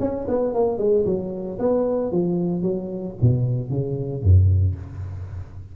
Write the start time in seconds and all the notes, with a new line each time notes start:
0.00 C#4
0.28 B3
0.54 A#3
0.78 G#3
1.06 F#3
1.59 B3
2.12 F3
2.62 F#3
3.22 B2
3.70 C#3
4.23 F#2